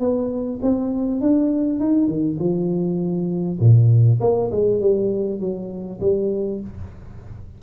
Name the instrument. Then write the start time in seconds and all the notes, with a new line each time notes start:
tuba
0.00 B3
0.62 C4
1.21 D4
1.80 D#4
2.08 D#3
2.39 F3
3.60 A#2
4.21 A#3
4.52 G#3
4.81 G3
5.40 F#3
6.01 G3